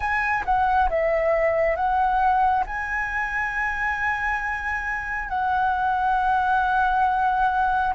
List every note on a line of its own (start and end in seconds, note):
0.00 0.43 G#5
0.45 0.89 F#5
0.89 1.76 E5
1.76 2.64 F#5
2.66 5.28 G#5
5.28 7.93 F#5